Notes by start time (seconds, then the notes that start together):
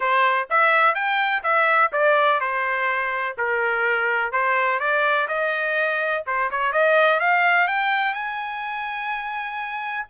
0.00 C5
0.50 E5
0.94 G5
1.43 E5
1.92 D5
2.40 C5
3.37 A#4
4.32 C5
4.79 D5
5.28 D#5
6.26 C5
6.50 C#5
6.72 D#5
7.20 F5
7.67 G5
8.14 G#5